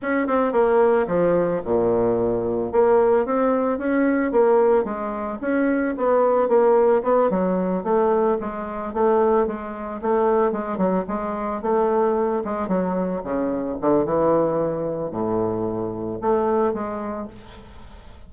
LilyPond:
\new Staff \with { instrumentName = "bassoon" } { \time 4/4 \tempo 4 = 111 cis'8 c'8 ais4 f4 ais,4~ | ais,4 ais4 c'4 cis'4 | ais4 gis4 cis'4 b4 | ais4 b8 fis4 a4 gis8~ |
gis8 a4 gis4 a4 gis8 | fis8 gis4 a4. gis8 fis8~ | fis8 cis4 d8 e2 | a,2 a4 gis4 | }